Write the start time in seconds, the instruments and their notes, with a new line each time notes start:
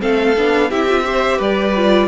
0.00 cello A3, viola C4, violin A4 F5
0.37 cello B3, viola D4
0.70 cello C4, viola E4, violin G4 E5
0.89 viola F4
1.05 viola G4, violin C5
1.38 cello G3, violin B4 D5
1.76 viola F4